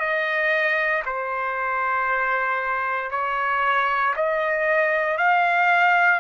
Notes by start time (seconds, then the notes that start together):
0.00 D#5
1.06 C5
3.11 C#5
4.17 D#5
5.18 F5